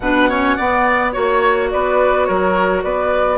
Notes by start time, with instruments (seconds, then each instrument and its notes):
0.00 bassoon B2, clarinet D4, oboe B4, flute F#5
0.29 clarinet C#4, oboe C#5
0.56 clarinet B3, bassoon B3, oboe D5
1.11 bassoon A#3, clarinet F#4, flute C#5, oboe C#5
1.70 bassoon B3, oboe B4, flute D5
2.25 bassoon F#3, oboe A#4, flute C#5
2.83 bassoon B3, oboe B4, flute D5